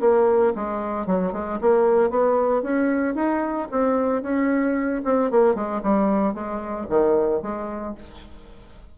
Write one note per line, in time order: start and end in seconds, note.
0.00 0.53 A#3
0.55 1.06 G#3
1.06 1.32 F#3
1.32 1.59 G#3
1.60 2.10 A#3
2.10 2.62 B3
2.62 3.15 C#4
3.15 3.68 D#4
3.71 4.22 C4
4.22 5.02 C#4
5.04 5.30 C4
5.30 5.54 A#3
5.54 5.81 G#3
5.83 6.34 G3
6.34 6.87 G#3
6.89 7.42 D#3
7.42 7.95 G#3